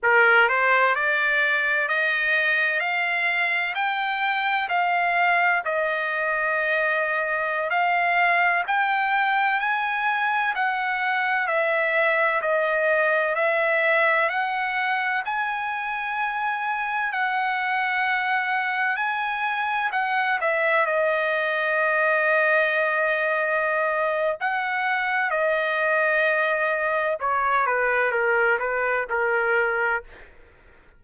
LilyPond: \new Staff \with { instrumentName = "trumpet" } { \time 4/4 \tempo 4 = 64 ais'8 c''8 d''4 dis''4 f''4 | g''4 f''4 dis''2~ | dis''16 f''4 g''4 gis''4 fis''8.~ | fis''16 e''4 dis''4 e''4 fis''8.~ |
fis''16 gis''2 fis''4.~ fis''16~ | fis''16 gis''4 fis''8 e''8 dis''4.~ dis''16~ | dis''2 fis''4 dis''4~ | dis''4 cis''8 b'8 ais'8 b'8 ais'4 | }